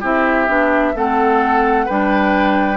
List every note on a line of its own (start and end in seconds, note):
0.00 0.48 C4
0.00 0.48 E4
0.00 0.92 G4
0.00 0.97 E5
0.48 0.94 B3
0.48 0.94 D4
0.95 1.87 A3
0.95 1.88 C4
0.95 1.86 A4
0.95 1.88 F#5
1.86 2.76 G3
1.86 2.76 D4
1.86 2.76 B4
1.86 2.76 G5